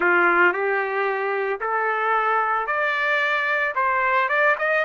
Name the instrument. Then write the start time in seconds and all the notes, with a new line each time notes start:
trumpet
0.00 F4
0.53 G4
1.60 A4
2.66 D5
3.75 C5
4.29 D5
4.58 D#5